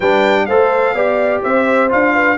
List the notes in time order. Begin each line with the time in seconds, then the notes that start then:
0.00 G3 D4 B4 G5
0.46 A3 A4 C5 F5
0.93 B3 G4 D5
1.42 C4 C5 E5
1.88 D4 F4 F5
2.13 B4